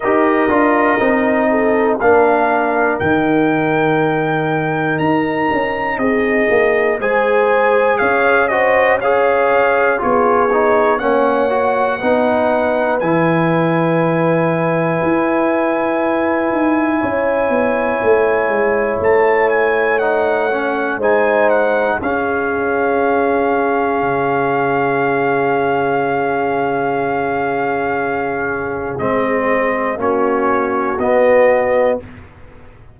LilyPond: <<
  \new Staff \with { instrumentName = "trumpet" } { \time 4/4 \tempo 4 = 60 dis''2 f''4 g''4~ | g''4 ais''4 dis''4 gis''4 | f''8 dis''8 f''4 cis''4 fis''4~ | fis''4 gis''2.~ |
gis''2. a''8 gis''8 | fis''4 gis''8 fis''8 f''2~ | f''1~ | f''4 dis''4 cis''4 dis''4 | }
  \new Staff \with { instrumentName = "horn" } { \time 4/4 ais'4. a'8 ais'2~ | ais'2 gis'4 c''4 | cis''8 c''8 cis''4 gis'4 cis''4 | b'1~ |
b'4 cis''2.~ | cis''4 c''4 gis'2~ | gis'1~ | gis'2 fis'2 | }
  \new Staff \with { instrumentName = "trombone" } { \time 4/4 g'8 f'8 dis'4 d'4 dis'4~ | dis'2. gis'4~ | gis'8 fis'8 gis'4 f'8 dis'8 cis'8 fis'8 | dis'4 e'2.~ |
e'1 | dis'8 cis'8 dis'4 cis'2~ | cis'1~ | cis'4 c'4 cis'4 b4 | }
  \new Staff \with { instrumentName = "tuba" } { \time 4/4 dis'8 d'8 c'4 ais4 dis4~ | dis4 dis'8 cis'8 c'8 ais8 gis4 | cis'2 b4 ais4 | b4 e2 e'4~ |
e'8 dis'8 cis'8 b8 a8 gis8 a4~ | a4 gis4 cis'2 | cis1~ | cis4 gis4 ais4 b4 | }
>>